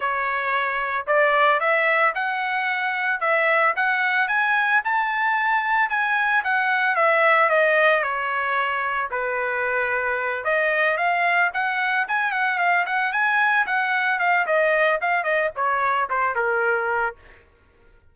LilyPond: \new Staff \with { instrumentName = "trumpet" } { \time 4/4 \tempo 4 = 112 cis''2 d''4 e''4 | fis''2 e''4 fis''4 | gis''4 a''2 gis''4 | fis''4 e''4 dis''4 cis''4~ |
cis''4 b'2~ b'8 dis''8~ | dis''8 f''4 fis''4 gis''8 fis''8 f''8 | fis''8 gis''4 fis''4 f''8 dis''4 | f''8 dis''8 cis''4 c''8 ais'4. | }